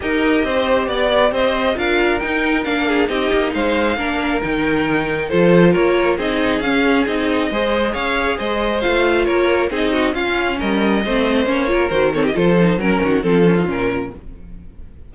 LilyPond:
<<
  \new Staff \with { instrumentName = "violin" } { \time 4/4 \tempo 4 = 136 dis''2 d''4 dis''4 | f''4 g''4 f''4 dis''4 | f''2 g''2 | c''4 cis''4 dis''4 f''4 |
dis''2 f''4 dis''4 | f''4 cis''4 dis''4 f''4 | dis''2 cis''4 c''8 cis''16 dis''16 | c''4 ais'4 a'4 ais'4 | }
  \new Staff \with { instrumentName = "violin" } { \time 4/4 ais'4 c''4 d''4 c''4 | ais'2~ ais'8 gis'8 g'4 | c''4 ais'2. | a'4 ais'4 gis'2~ |
gis'4 c''4 cis''4 c''4~ | c''4 ais'4 gis'8 fis'8 f'4 | ais'4 c''4. ais'4 a'16 g'16 | a'4 ais'8 fis'8 f'2 | }
  \new Staff \with { instrumentName = "viola" } { \time 4/4 g'1 | f'4 dis'4 d'4 dis'4~ | dis'4 d'4 dis'2 | f'2 dis'4 cis'4 |
dis'4 gis'2. | f'2 dis'4 cis'4~ | cis'4 c'4 cis'8 f'8 fis'8 c'8 | f'8 dis'8 cis'4 c'8 cis'16 dis'16 cis'4 | }
  \new Staff \with { instrumentName = "cello" } { \time 4/4 dis'4 c'4 b4 c'4 | d'4 dis'4 ais4 c'8 ais8 | gis4 ais4 dis2 | f4 ais4 c'4 cis'4 |
c'4 gis4 cis'4 gis4 | a4 ais4 c'4 cis'4 | g4 a4 ais4 dis4 | f4 fis8 dis8 f4 ais,4 | }
>>